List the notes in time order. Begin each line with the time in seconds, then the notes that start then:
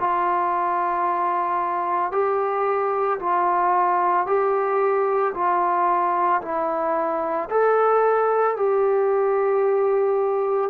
0.00 F4
2.12 G4
3.19 F4
4.27 G4
5.35 F4
6.42 E4
7.50 A4
8.57 G4